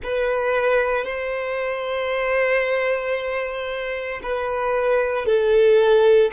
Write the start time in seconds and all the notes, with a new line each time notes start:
0.02 B4
1.04 C5
4.22 B4
5.25 A4